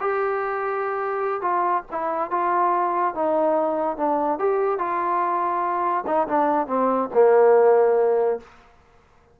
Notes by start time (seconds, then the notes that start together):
0.00 G4
1.41 F4
1.91 E4
2.31 F4
3.15 D#4
3.97 D4
4.39 G4
4.79 F4
6.06 D#4
6.28 D4
6.67 C4
7.14 A#3